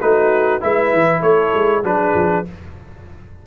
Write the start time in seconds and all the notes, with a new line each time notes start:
0.00 A3 D#4 F#4 B4
0.61 G#3 E4 B4 E5
0.92 E3
1.20 A3 A4 C#5
1.54 G#3
1.83 F#3 D4 G#4 B4
2.14 F3